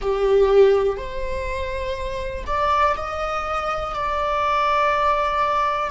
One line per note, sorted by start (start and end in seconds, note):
0.00 0.97 G4
0.97 2.44 C5
2.46 2.95 D5
2.96 3.94 D#5
3.94 5.90 D5